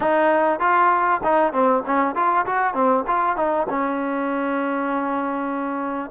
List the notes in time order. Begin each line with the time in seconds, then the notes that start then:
0.00 D#4
0.59 F4
1.23 D#4
1.52 C4
1.86 C#4
2.15 F4
2.45 F#4
2.74 C4
3.07 F4
3.36 D#4
3.69 C#4